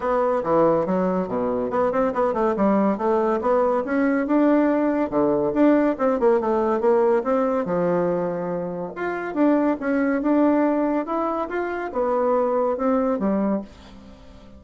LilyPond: \new Staff \with { instrumentName = "bassoon" } { \time 4/4 \tempo 4 = 141 b4 e4 fis4 b,4 | b8 c'8 b8 a8 g4 a4 | b4 cis'4 d'2 | d4 d'4 c'8 ais8 a4 |
ais4 c'4 f2~ | f4 f'4 d'4 cis'4 | d'2 e'4 f'4 | b2 c'4 g4 | }